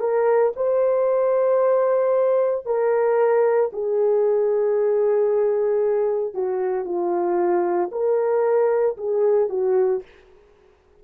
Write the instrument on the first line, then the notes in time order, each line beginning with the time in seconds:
horn
0.00 A#4
0.56 C5
2.66 A#4
3.73 G#4
6.34 F#4
6.85 F4
7.92 A#4
8.97 G#4
9.49 F#4